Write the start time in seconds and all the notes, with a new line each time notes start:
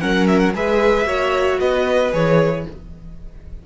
0.00 F#3 C#4 A#4 F#5
0.27 E5
0.39 F#5
0.54 G#3 G#4 B4 E5
1.05 A#3 F#4 C#5
1.60 B3 B4 D#5
2.12 E3 G#4 C#5